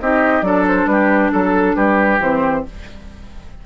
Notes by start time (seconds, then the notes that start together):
0.00 C4 D#4 G4 D#5
0.42 F#3 D4 A4 D5
0.67 C5
0.86 G3 G4 B4
1.32 F#3 A4
1.76 G3 G4 B4
2.19 E3 C4 C5